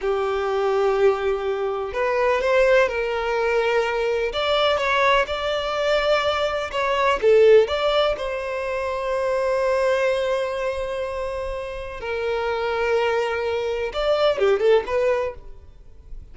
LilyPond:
\new Staff \with { instrumentName = "violin" } { \time 4/4 \tempo 4 = 125 g'1 | b'4 c''4 ais'2~ | ais'4 d''4 cis''4 d''4~ | d''2 cis''4 a'4 |
d''4 c''2.~ | c''1~ | c''4 ais'2.~ | ais'4 d''4 g'8 a'8 b'4 | }